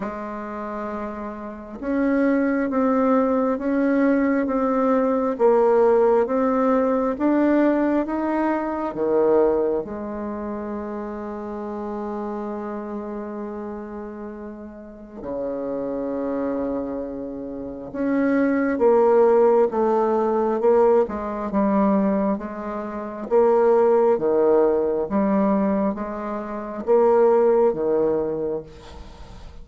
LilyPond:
\new Staff \with { instrumentName = "bassoon" } { \time 4/4 \tempo 4 = 67 gis2 cis'4 c'4 | cis'4 c'4 ais4 c'4 | d'4 dis'4 dis4 gis4~ | gis1~ |
gis4 cis2. | cis'4 ais4 a4 ais8 gis8 | g4 gis4 ais4 dis4 | g4 gis4 ais4 dis4 | }